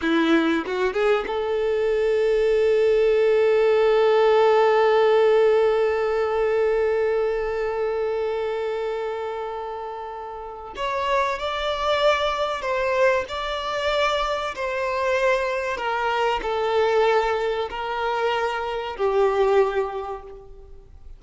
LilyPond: \new Staff \with { instrumentName = "violin" } { \time 4/4 \tempo 4 = 95 e'4 fis'8 gis'8 a'2~ | a'1~ | a'1~ | a'1~ |
a'4 cis''4 d''2 | c''4 d''2 c''4~ | c''4 ais'4 a'2 | ais'2 g'2 | }